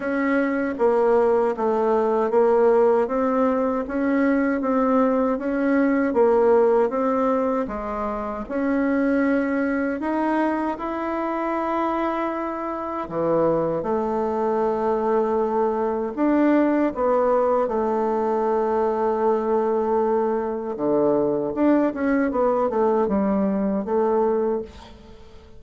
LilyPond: \new Staff \with { instrumentName = "bassoon" } { \time 4/4 \tempo 4 = 78 cis'4 ais4 a4 ais4 | c'4 cis'4 c'4 cis'4 | ais4 c'4 gis4 cis'4~ | cis'4 dis'4 e'2~ |
e'4 e4 a2~ | a4 d'4 b4 a4~ | a2. d4 | d'8 cis'8 b8 a8 g4 a4 | }